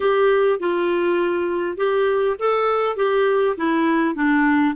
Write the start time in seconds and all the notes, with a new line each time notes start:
0.00 G4
0.59 F4
1.77 G4
2.39 A4
2.96 G4
3.57 E4
4.15 D4